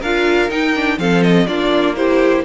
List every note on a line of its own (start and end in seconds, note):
0.00 0.50 D4
0.00 0.50 F4
0.00 0.97 A#4
0.00 0.51 F5
0.50 0.74 D#4
0.50 0.99 D#4
0.50 0.99 G5
0.76 0.99 D4
0.99 1.47 F3
0.99 1.47 C4
0.99 1.48 A4
0.99 1.23 F5
1.23 1.47 D#5
1.47 2.45 A#3
1.47 1.96 D4
1.47 1.96 F4
1.47 1.95 D5
1.96 2.44 E4
1.96 2.45 G4
1.96 2.44 C5